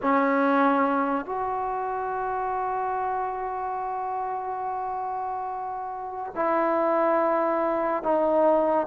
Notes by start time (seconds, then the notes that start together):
0.02 C#4
1.25 F#4
6.35 E4
8.03 D#4